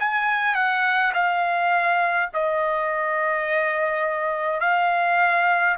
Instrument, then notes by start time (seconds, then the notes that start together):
trumpet
0.00 G#5
0.55 F#5
1.14 F5
2.34 D#5
4.61 F5